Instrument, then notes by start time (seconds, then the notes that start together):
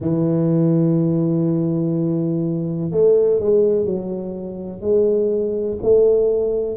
tuba
0.00 E3
2.91 A3
3.39 G#3
3.84 F#3
4.80 G#3
5.82 A3